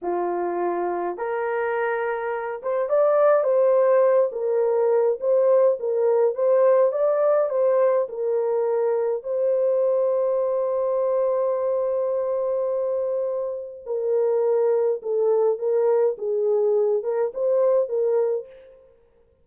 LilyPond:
\new Staff \with { instrumentName = "horn" } { \time 4/4 \tempo 4 = 104 f'2 ais'2~ | ais'8 c''8 d''4 c''4. ais'8~ | ais'4 c''4 ais'4 c''4 | d''4 c''4 ais'2 |
c''1~ | c''1 | ais'2 a'4 ais'4 | gis'4. ais'8 c''4 ais'4 | }